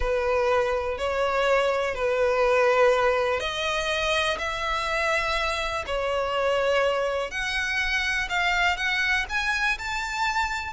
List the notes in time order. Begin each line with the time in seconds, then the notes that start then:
0.00 B4
0.98 C#5
1.94 B4
3.40 D#5
4.38 E5
5.86 C#5
7.30 F#5
8.29 F5
8.76 F#5
9.29 G#5
9.78 A5